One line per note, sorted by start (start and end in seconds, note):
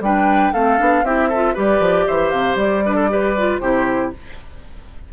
0.00 0.51 G3
0.00 0.54 D4
0.00 0.53 B4
0.00 0.53 G5
0.53 0.80 A3
0.53 0.78 C4
0.53 1.04 A4
0.53 1.04 F5
0.78 1.03 B3
0.78 1.03 D4
1.03 1.54 C4
1.03 1.31 E4
1.03 1.28 G4
1.03 1.56 E5
1.28 1.54 A4
1.34 1.55 F4
1.54 1.80 G3
1.54 2.83 G4
1.54 2.05 B4
1.54 2.08 D5
1.80 2.05 F3
2.07 2.32 E3
2.07 2.84 C5
2.07 2.30 E5
2.30 2.55 C3
2.30 2.56 F5
2.55 3.58 G3
2.55 3.59 D5
2.85 3.10 D4
2.85 2.95 B4
2.95 3.08 A4
3.10 3.35 G4
3.10 3.61 B4
3.38 3.61 F4
3.59 4.12 C3
3.59 4.12 E4
3.59 4.12 G4
3.59 4.10 C5